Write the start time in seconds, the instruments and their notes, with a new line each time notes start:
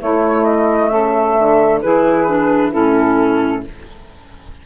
0.00 clarinet A3, bassoon A3, saxophone E4, flute C#5
0.44 flute D#5
0.89 bassoon C#3, saxophone A4, flute E5
1.38 bassoon D3
1.81 bassoon E3, clarinet E4, saxophone G#4, flute B4
2.27 clarinet D4
2.69 bassoon A2, clarinet C#4, saxophone E4, flute A4